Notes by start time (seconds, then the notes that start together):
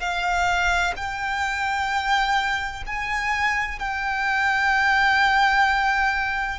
0.00 F5
0.96 G5
2.87 G#5
3.79 G5